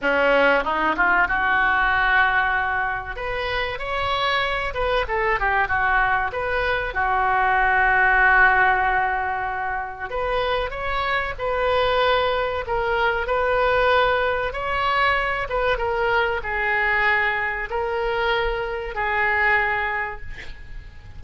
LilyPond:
\new Staff \with { instrumentName = "oboe" } { \time 4/4 \tempo 4 = 95 cis'4 dis'8 f'8 fis'2~ | fis'4 b'4 cis''4. b'8 | a'8 g'8 fis'4 b'4 fis'4~ | fis'1 |
b'4 cis''4 b'2 | ais'4 b'2 cis''4~ | cis''8 b'8 ais'4 gis'2 | ais'2 gis'2 | }